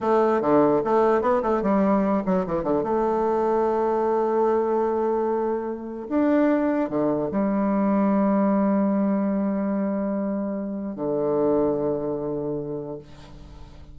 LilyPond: \new Staff \with { instrumentName = "bassoon" } { \time 4/4 \tempo 4 = 148 a4 d4 a4 b8 a8 | g4. fis8 e8 d8 a4~ | a1~ | a2. d'4~ |
d'4 d4 g2~ | g1~ | g2. d4~ | d1 | }